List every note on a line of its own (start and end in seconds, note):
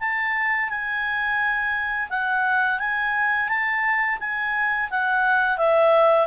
0.00 0.69 A5
0.69 2.09 G#5
2.10 2.79 F#5
2.79 3.49 G#5
3.49 4.18 A5
4.20 4.90 G#5
4.91 5.58 F#5
5.58 6.27 E5